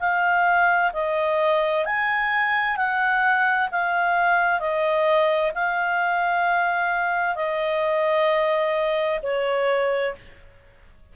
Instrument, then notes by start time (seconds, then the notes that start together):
clarinet
0.00 F5
0.93 D#5
1.85 G#5
2.77 F#5
3.71 F5
4.60 D#5
5.55 F5
7.36 D#5
9.23 C#5